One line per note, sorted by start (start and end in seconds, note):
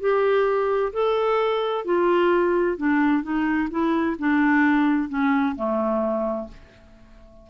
0.00 0.92 G4
0.93 1.85 A4
1.85 2.77 F4
2.77 3.23 D4
3.23 3.69 D#4
3.70 4.16 E4
4.19 5.09 D4
5.09 5.55 C#4
5.56 6.48 A3